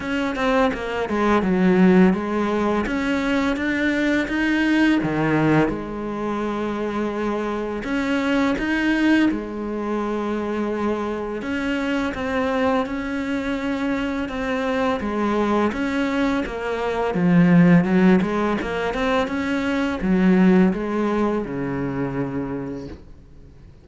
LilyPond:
\new Staff \with { instrumentName = "cello" } { \time 4/4 \tempo 4 = 84 cis'8 c'8 ais8 gis8 fis4 gis4 | cis'4 d'4 dis'4 dis4 | gis2. cis'4 | dis'4 gis2. |
cis'4 c'4 cis'2 | c'4 gis4 cis'4 ais4 | f4 fis8 gis8 ais8 c'8 cis'4 | fis4 gis4 cis2 | }